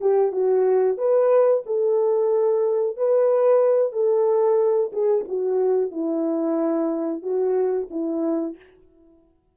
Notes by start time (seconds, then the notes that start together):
0.00 G4
0.31 F#4
0.97 B4
1.65 A4
2.96 B4
3.92 A4
4.92 G#4
5.28 F#4
5.91 E4
7.22 F#4
7.90 E4